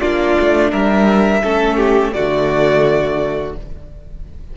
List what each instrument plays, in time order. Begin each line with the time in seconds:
0.00 cello A#3, viola D4, violin F4 D5
0.39 cello A3
0.71 cello G3, violin A#4 E5
1.42 cello A3, viola C#4, violin A4
1.77 violin G4
2.13 cello D3, viola A3, violin F#4 D5